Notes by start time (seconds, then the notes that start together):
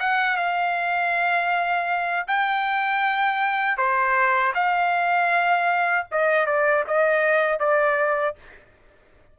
0.00 F#5
0.37 F5
2.28 G5
3.77 C5
4.54 F5
6.11 D#5
6.46 D5
6.87 D#5
7.59 D5